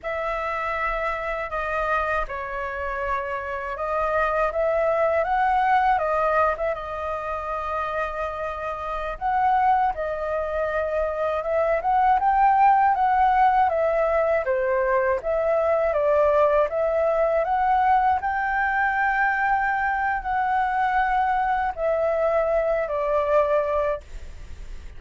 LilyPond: \new Staff \with { instrumentName = "flute" } { \time 4/4 \tempo 4 = 80 e''2 dis''4 cis''4~ | cis''4 dis''4 e''4 fis''4 | dis''8. e''16 dis''2.~ | dis''16 fis''4 dis''2 e''8 fis''16~ |
fis''16 g''4 fis''4 e''4 c''8.~ | c''16 e''4 d''4 e''4 fis''8.~ | fis''16 g''2~ g''8. fis''4~ | fis''4 e''4. d''4. | }